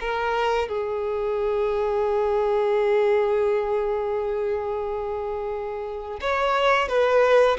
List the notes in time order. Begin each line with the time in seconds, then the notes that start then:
0.00 A#4
0.68 G#4
6.21 C#5
6.88 B4